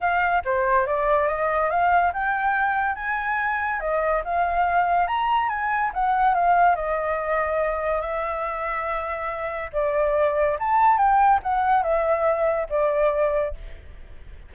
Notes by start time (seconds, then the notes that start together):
0.00 F5
0.44 C5
0.86 D5
1.27 D#5
1.70 F5
2.13 G5
2.95 G#5
3.80 D#5
4.24 F5
5.07 A#5
5.49 G#5
5.93 F#5
6.34 F5
6.75 D#5
8.01 E5
9.73 D5
10.59 A5
10.97 G5
11.42 F#5
11.82 E5
12.69 D5